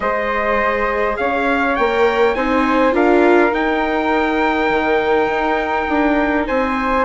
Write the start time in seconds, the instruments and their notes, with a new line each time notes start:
0.00 bassoon G#3, viola G#4, flute C5, trumpet D#5
1.16 bassoon C#4, flute C#5, trumpet F5
1.75 bassoon A#3, viola A#4, trumpet G5
2.34 bassoon C4, viola D#4, flute C5, trumpet G#5
2.92 bassoon D4, viola F4, flute A#4, trumpet F5
3.51 viola D#4, bassoon D#4, trumpet G5
4.69 bassoon D#3
5.27 bassoon D#4
5.88 bassoon D4
6.46 bassoon C4, flute C5, trumpet G#5